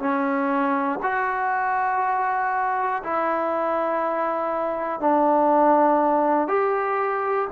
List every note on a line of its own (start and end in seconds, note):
0.00 1.00 C#4
1.03 3.03 F#4
3.04 5.00 E4
5.00 6.48 D4
6.48 7.48 G4